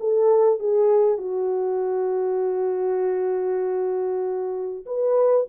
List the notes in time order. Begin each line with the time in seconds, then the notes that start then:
0.00 A4
0.60 G#4
1.18 F#4
4.86 B4